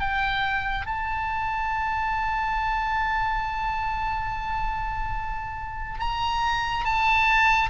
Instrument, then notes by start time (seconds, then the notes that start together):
oboe
0.00 G5
0.86 A5
6.00 A#5
6.85 A5